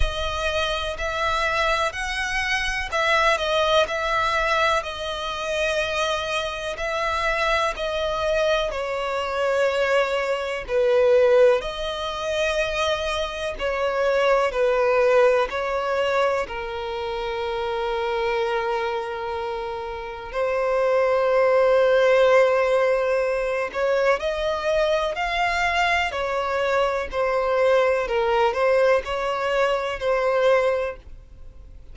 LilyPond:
\new Staff \with { instrumentName = "violin" } { \time 4/4 \tempo 4 = 62 dis''4 e''4 fis''4 e''8 dis''8 | e''4 dis''2 e''4 | dis''4 cis''2 b'4 | dis''2 cis''4 b'4 |
cis''4 ais'2.~ | ais'4 c''2.~ | c''8 cis''8 dis''4 f''4 cis''4 | c''4 ais'8 c''8 cis''4 c''4 | }